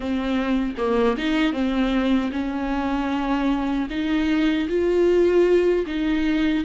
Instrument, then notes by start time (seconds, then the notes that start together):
viola
0.00 C4
0.77 A#3
1.17 D#4
1.53 C4
2.32 C#4
3.90 D#4
4.68 F4
5.86 D#4